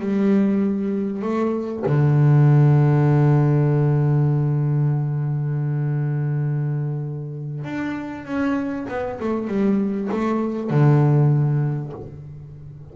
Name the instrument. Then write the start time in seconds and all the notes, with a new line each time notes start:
double bass
0.00 G3
1.22 A3
1.86 D3
7.64 D4
8.25 C#4
8.89 B3
9.20 A3
9.48 G3
10.12 A3
10.71 D3